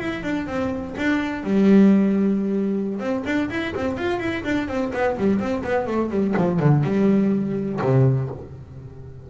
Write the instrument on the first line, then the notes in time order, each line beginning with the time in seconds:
double bass
0.00 E4
0.23 D4
0.46 C4
0.98 D4
1.44 G3
3.00 C4
3.26 D4
3.50 E4
3.75 C4
3.97 F4
4.19 E4
4.44 D4
4.68 C4
4.93 B3
5.17 G3
5.39 C4
5.64 B3
5.86 A3
6.10 G3
6.37 F3
6.59 D3
6.83 G3
7.82 C3